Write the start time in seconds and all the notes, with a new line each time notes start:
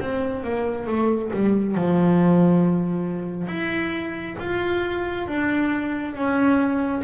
0.00 C4
0.44 A#3
0.87 A3
1.33 G3
1.75 F3
3.47 E4
4.39 F4
5.27 D4
6.14 C#4